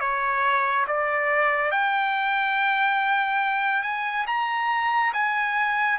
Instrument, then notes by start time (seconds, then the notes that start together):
trumpet
0.00 C#5
0.87 D5
1.71 G5
3.83 G#5
4.27 A#5
5.13 G#5